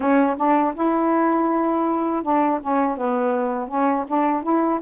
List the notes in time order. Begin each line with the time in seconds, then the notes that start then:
0.00 C#4
0.37 D4
0.74 E4
2.22 D4
2.61 C#4
2.97 B3
3.68 C#4
4.07 D4
4.42 E4